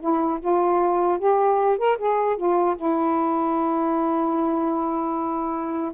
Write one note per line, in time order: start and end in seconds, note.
0.00 0.39 E4
0.41 1.19 F4
1.19 1.78 G4
1.78 1.98 A#4
1.98 2.37 G#4
2.37 2.76 F4
2.76 5.92 E4